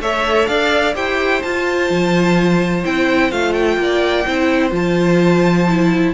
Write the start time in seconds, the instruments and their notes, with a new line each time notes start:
0.00 cello A3, viola A4, violin C#5 E5
0.47 cello D4, violin D5 F5
0.94 cello E4, viola G4, violin C5 G5
1.43 viola F4, cello F4, violin A5
1.90 cello F3
2.84 cello C4, viola E4, violin G5
3.31 cello A3, viola F4, violin F5
3.53 violin G5
3.77 cello A#3, violin D5
4.26 cello C4, viola E4, violin C5
4.70 cello F3, viola F4, violin A5
5.69 viola E4